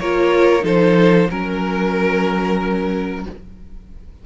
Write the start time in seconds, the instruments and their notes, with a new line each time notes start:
0.00 cello A#3, viola F4, violin A#4 C#5
0.62 cello F3, viola D#4, violin A4 C5
1.30 cello F#3, viola C#4, violin A#4